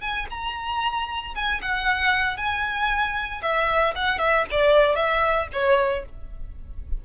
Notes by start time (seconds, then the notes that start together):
0.00 G#5
0.30 A#5
1.34 G#5
1.62 F#5
2.37 G#5
3.42 E5
3.95 F#5
4.18 E5
4.51 D5
4.95 E5
5.52 C#5